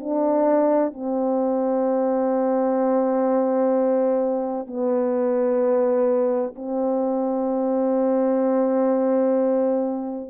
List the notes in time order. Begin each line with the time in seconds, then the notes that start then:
0.00 D4
0.93 C4
4.67 B3
6.56 C4